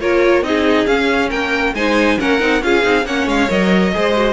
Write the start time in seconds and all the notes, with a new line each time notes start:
0.00 A#3 F4 A#4 C#5
0.42 C4 D#4 G#4 D#5
0.86 C#4 F5
1.29 A#3 A#4 G5
1.74 G#3 D#4 C5 G#5
2.19 A#3 C#4 A#4 F#5
2.39 C4 D#4
2.62 C#4 F4 G#4 F5
2.83 C4 D#4
3.05 A#3 C#4 C#5 F#5
3.27 G#3 F5
3.49 F#3 A#4 D#5
3.92 G#3 G#4 C5
4.16 F#4